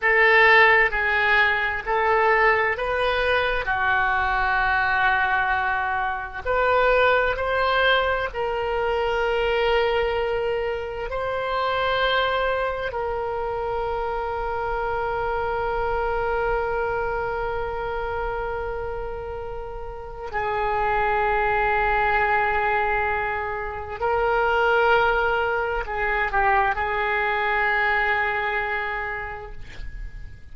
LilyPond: \new Staff \with { instrumentName = "oboe" } { \time 4/4 \tempo 4 = 65 a'4 gis'4 a'4 b'4 | fis'2. b'4 | c''4 ais'2. | c''2 ais'2~ |
ais'1~ | ais'2 gis'2~ | gis'2 ais'2 | gis'8 g'8 gis'2. | }